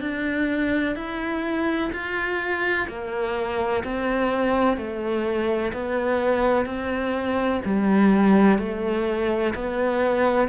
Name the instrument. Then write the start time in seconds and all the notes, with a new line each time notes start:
cello
0.00 D4
0.95 E4
1.92 F4
2.88 A#3
3.84 C4
4.77 A3
5.73 B3
6.66 C4
7.65 G3
8.58 A3
9.55 B3